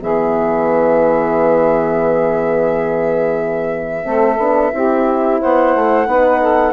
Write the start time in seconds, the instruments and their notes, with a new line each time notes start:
0.00 bassoon E3, horn B3, saxophone G#4, flute E5
4.04 bassoon A3, horn C4, saxophone A4
4.38 bassoon B3, horn D4
4.71 bassoon C4, horn E4, saxophone G4
5.40 bassoon B3, saxophone C5, flute F#5
5.75 bassoon A3
6.06 bassoon B3, horn D#4, saxophone B4
6.40 saxophone A4